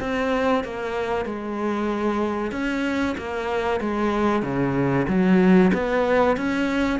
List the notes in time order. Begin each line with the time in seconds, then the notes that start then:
0.00 C4
0.64 A#3
1.25 G#3
2.52 C#4
3.17 A#3
3.80 G#3
4.42 C#3
5.08 F#3
5.74 B3
6.37 C#4